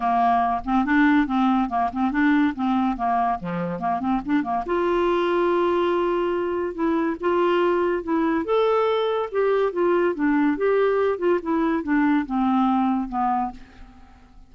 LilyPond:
\new Staff \with { instrumentName = "clarinet" } { \time 4/4 \tempo 4 = 142 ais4. c'8 d'4 c'4 | ais8 c'8 d'4 c'4 ais4 | f4 ais8 c'8 d'8 ais8 f'4~ | f'1 |
e'4 f'2 e'4 | a'2 g'4 f'4 | d'4 g'4. f'8 e'4 | d'4 c'2 b4 | }